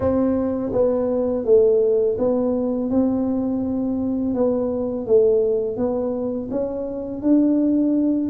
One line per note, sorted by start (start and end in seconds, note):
0.00 0.71 C4
0.72 1.45 B3
1.45 2.17 A3
2.18 2.89 B3
2.89 4.34 C4
4.34 5.06 B3
5.06 5.76 A3
5.76 6.49 B3
6.51 7.21 C#4
7.21 8.29 D4